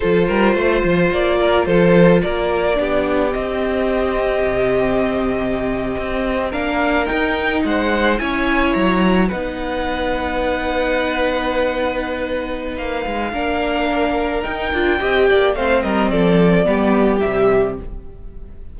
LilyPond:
<<
  \new Staff \with { instrumentName = "violin" } { \time 4/4 \tempo 4 = 108 c''2 d''4 c''4 | d''2 dis''2~ | dis''2.~ dis''8. f''16~ | f''8. g''4 fis''4 gis''4 ais''16~ |
ais''8. fis''2.~ fis''16~ | fis''2. f''4~ | f''2 g''2 | f''8 dis''8 d''2 e''4 | }
  \new Staff \with { instrumentName = "violin" } { \time 4/4 a'8 ais'8 c''4. ais'8 a'4 | ais'4 g'2.~ | g'2.~ g'8. ais'16~ | ais'4.~ ais'16 c''4 cis''4~ cis''16~ |
cis''8. b'2.~ b'16~ | b'1 | ais'2. dis''8 d''8 | c''8 ais'8 a'4 g'2 | }
  \new Staff \with { instrumentName = "viola" } { \time 4/4 f'1~ | f'4 d'4 c'2~ | c'2.~ c'8. d'16~ | d'8. dis'2 e'4~ e'16~ |
e'8. dis'2.~ dis'16~ | dis'1 | d'2 dis'8 f'8 g'4 | c'2 b4 g4 | }
  \new Staff \with { instrumentName = "cello" } { \time 4/4 f8 g8 a8 f8 ais4 f4 | ais4 b4 c'2 | c2~ c8. c'4 ais16~ | ais8. dis'4 gis4 cis'4 fis16~ |
fis8. b2.~ b16~ | b2. ais8 gis8 | ais2 dis'8 d'8 c'8 ais8 | a8 g8 f4 g4 c4 | }
>>